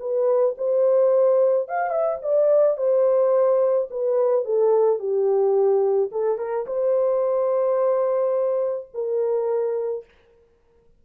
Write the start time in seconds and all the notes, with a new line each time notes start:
0.00 B4
0.58 C5
1.68 F5
1.91 E5
2.22 D5
2.78 C5
3.91 B4
4.45 A4
4.99 G4
6.12 A4
6.38 A#4
6.67 C5
8.94 A#4